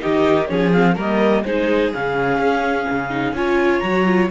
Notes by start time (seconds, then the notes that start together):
0.00 D#3 D#4 G4 D#5
0.48 F3 C#4 G#4 C#5
0.72 C4 F5
0.95 G3 A#3 A#4 D#5
1.45 G#3 D#4 G#4 C5
1.94 C#3 C#4 F5
2.39 C#4
2.90 C#3
3.10 D#4
3.33 C#4 F4 C#5 G#5
3.80 F#3 F#4 A#5
4.06 F4